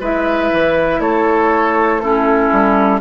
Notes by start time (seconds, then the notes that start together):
0.00 G#3 E4 B4 E5
0.52 E3
0.99 A3 A4 C#5
2.00 C#4 E4 A4
2.52 G3